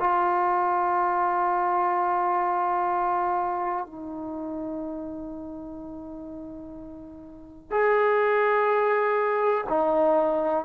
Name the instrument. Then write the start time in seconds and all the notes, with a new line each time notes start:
trombone
0.00 F4
3.86 D#4
7.71 G#4
9.69 D#4